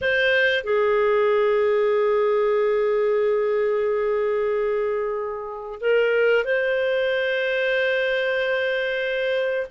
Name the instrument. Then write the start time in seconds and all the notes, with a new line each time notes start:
clarinet
0.01 C5
0.63 G#4
5.80 A#4
6.44 C5